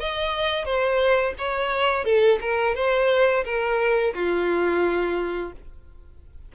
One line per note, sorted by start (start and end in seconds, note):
0.00 0.65 D#5
0.65 1.34 C5
1.38 2.05 C#5
2.05 2.39 A4
2.41 2.75 A#4
2.75 3.44 C5
3.45 4.14 A#4
4.14 5.52 F4